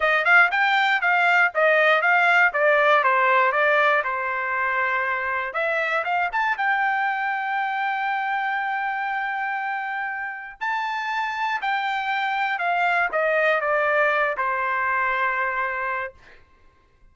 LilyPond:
\new Staff \with { instrumentName = "trumpet" } { \time 4/4 \tempo 4 = 119 dis''8 f''8 g''4 f''4 dis''4 | f''4 d''4 c''4 d''4 | c''2. e''4 | f''8 a''8 g''2.~ |
g''1~ | g''4 a''2 g''4~ | g''4 f''4 dis''4 d''4~ | d''8 c''2.~ c''8 | }